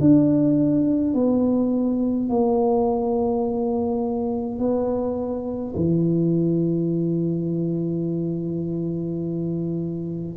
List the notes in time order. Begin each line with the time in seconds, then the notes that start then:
0.00 D4
1.14 B3
2.29 A#3
4.58 B3
5.75 E3